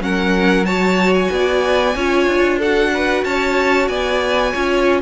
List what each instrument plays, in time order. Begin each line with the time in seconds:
0.00 cello F#3, viola C#4, violin A#4 F#5
0.64 viola F#4, violin C#5 A5
1.14 violin G#5
1.31 cello B3, violin D5
1.95 cello C#4, viola F4, violin C#5
2.27 cello D4
2.59 viola F#4, violin A4 F#5
2.93 violin B4
3.24 cello C#4, violin C#5 A5
3.88 cello B3, violin D5 G#5
4.51 cello C#4, viola F4, violin C#5